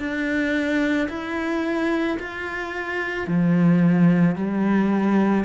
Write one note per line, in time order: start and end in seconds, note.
0.00 1.09 D4
1.09 2.18 E4
2.20 3.28 F4
3.28 4.36 F3
4.36 5.45 G3